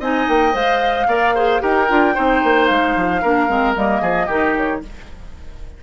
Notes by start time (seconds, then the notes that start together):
0.00 C4 D#4 D#5 G#5
0.28 A#3 G5
0.52 G#3 C5 F5
1.07 A#3 A#4 D5
1.35 G#4 C5
1.60 D#4 G4 A#4 G5
1.89 D4 F4
2.15 C4 D#4 C5
2.44 A#3
2.67 G#3 F5
2.96 F3
3.22 A#3 D4 A#4
3.49 G#3 C4
3.75 G3 A#3 D#5
4.02 F3 G#4
4.27 D#3 D#4 G4
4.57 C#5